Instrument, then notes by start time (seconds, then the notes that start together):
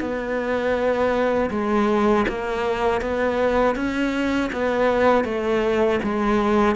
cello
0.00 B3
1.50 G#3
2.28 A#3
3.01 B3
3.75 C#4
4.52 B3
5.24 A3
6.03 G#3